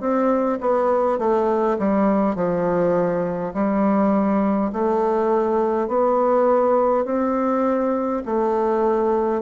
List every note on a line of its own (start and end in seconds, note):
0.00 0.59 C4
0.60 1.18 B3
1.18 1.77 A3
1.78 2.35 G3
2.35 3.52 F3
3.53 4.71 G3
4.72 5.88 A3
5.88 7.04 B3
7.04 8.22 C4
8.25 9.42 A3